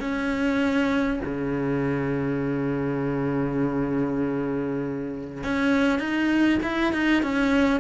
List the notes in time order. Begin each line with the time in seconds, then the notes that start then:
0.00 C#4
1.25 C#3
5.44 C#4
5.99 D#4
6.63 E4
6.93 D#4
7.23 C#4